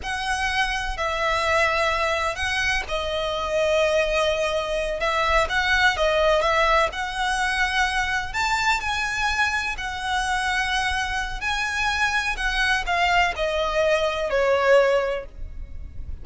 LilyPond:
\new Staff \with { instrumentName = "violin" } { \time 4/4 \tempo 4 = 126 fis''2 e''2~ | e''4 fis''4 dis''2~ | dis''2~ dis''8 e''4 fis''8~ | fis''8 dis''4 e''4 fis''4.~ |
fis''4. a''4 gis''4.~ | gis''8 fis''2.~ fis''8 | gis''2 fis''4 f''4 | dis''2 cis''2 | }